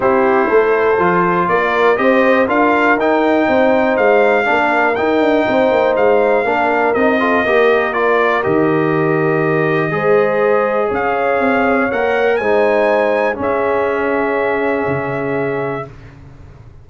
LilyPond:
<<
  \new Staff \with { instrumentName = "trumpet" } { \time 4/4 \tempo 4 = 121 c''2. d''4 | dis''4 f''4 g''2 | f''2 g''2 | f''2 dis''2 |
d''4 dis''2.~ | dis''2 f''2 | fis''4 gis''2 e''4~ | e''1 | }
  \new Staff \with { instrumentName = "horn" } { \time 4/4 g'4 a'2 ais'4 | c''4 ais'2 c''4~ | c''4 ais'2 c''4~ | c''4 ais'4. a'8 ais'4~ |
ais'1 | c''2 cis''2~ | cis''4 c''2 gis'4~ | gis'1 | }
  \new Staff \with { instrumentName = "trombone" } { \time 4/4 e'2 f'2 | g'4 f'4 dis'2~ | dis'4 d'4 dis'2~ | dis'4 d'4 dis'8 f'8 g'4 |
f'4 g'2. | gis'1 | ais'4 dis'2 cis'4~ | cis'1 | }
  \new Staff \with { instrumentName = "tuba" } { \time 4/4 c'4 a4 f4 ais4 | c'4 d'4 dis'4 c'4 | gis4 ais4 dis'8 d'8 c'8 ais8 | gis4 ais4 c'4 ais4~ |
ais4 dis2. | gis2 cis'4 c'4 | ais4 gis2 cis'4~ | cis'2 cis2 | }
>>